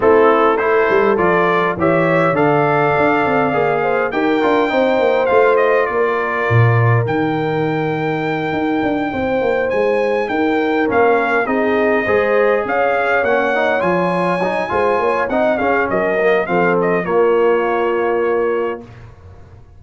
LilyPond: <<
  \new Staff \with { instrumentName = "trumpet" } { \time 4/4 \tempo 4 = 102 a'4 c''4 d''4 e''4 | f''2. g''4~ | g''4 f''8 dis''8 d''2 | g''1~ |
g''8 gis''4 g''4 f''4 dis''8~ | dis''4. f''4 fis''4 gis''8~ | gis''2 fis''8 f''8 dis''4 | f''8 dis''8 cis''2. | }
  \new Staff \with { instrumentName = "horn" } { \time 4/4 e'4 a'2 cis''4 | d''2~ d''8 c''8 ais'4 | c''2 ais'2~ | ais'2.~ ais'8 c''8~ |
c''4. ais'2 gis'8~ | gis'8 c''4 cis''2~ cis''8~ | cis''4 c''8 cis''8 dis''8 gis'8 ais'4 | a'4 f'2. | }
  \new Staff \with { instrumentName = "trombone" } { \time 4/4 c'4 e'4 f'4 g'4 | a'2 gis'4 g'8 f'8 | dis'4 f'2. | dis'1~ |
dis'2~ dis'8 cis'4 dis'8~ | dis'8 gis'2 cis'8 dis'8 f'8~ | f'8 dis'8 f'4 dis'8 cis'4 ais8 | c'4 ais2. | }
  \new Staff \with { instrumentName = "tuba" } { \time 4/4 a4. g8 f4 e4 | d4 d'8 c'8 ais4 dis'8 d'8 | c'8 ais8 a4 ais4 ais,4 | dis2~ dis8 dis'8 d'8 c'8 |
ais8 gis4 dis'4 ais4 c'8~ | c'8 gis4 cis'4 ais4 f8~ | f8 fis8 gis8 ais8 c'8 cis'8 fis4 | f4 ais2. | }
>>